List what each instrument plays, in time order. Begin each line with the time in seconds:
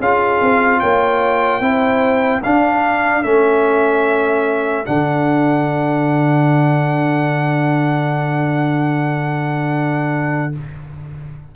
0.00 tuba C#4, trombone F4, horn G#4, trumpet F5
0.42 tuba C4
0.80 tuba A#3, horn C#5, trumpet G5
1.61 tuba C4, trombone E4, horn C5
2.43 trombone D4, tuba D4, horn A4, trumpet F5
3.23 tuba A3, trombone C#4, trumpet E5
4.85 tuba D3, trombone D4, trumpet F#5